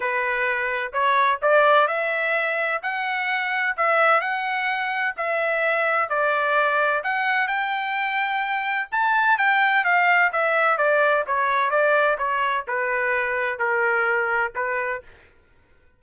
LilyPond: \new Staff \with { instrumentName = "trumpet" } { \time 4/4 \tempo 4 = 128 b'2 cis''4 d''4 | e''2 fis''2 | e''4 fis''2 e''4~ | e''4 d''2 fis''4 |
g''2. a''4 | g''4 f''4 e''4 d''4 | cis''4 d''4 cis''4 b'4~ | b'4 ais'2 b'4 | }